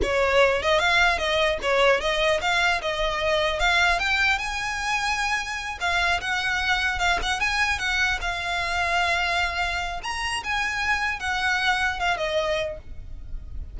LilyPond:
\new Staff \with { instrumentName = "violin" } { \time 4/4 \tempo 4 = 150 cis''4. dis''8 f''4 dis''4 | cis''4 dis''4 f''4 dis''4~ | dis''4 f''4 g''4 gis''4~ | gis''2~ gis''8 f''4 fis''8~ |
fis''4. f''8 fis''8 gis''4 fis''8~ | fis''8 f''2.~ f''8~ | f''4 ais''4 gis''2 | fis''2 f''8 dis''4. | }